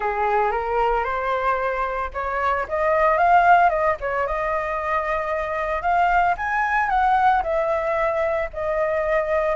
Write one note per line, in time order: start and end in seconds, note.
0.00 0.51 G#4
0.51 1.04 A#4
1.04 2.10 C5
2.13 2.66 C#5
2.68 3.17 D#5
3.17 3.69 F5
3.69 3.96 D#5
4.00 4.26 C#5
4.26 5.81 D#5
5.81 6.35 F5
6.37 6.89 G#5
6.89 7.42 F#5
7.42 8.49 E5
8.53 9.55 D#5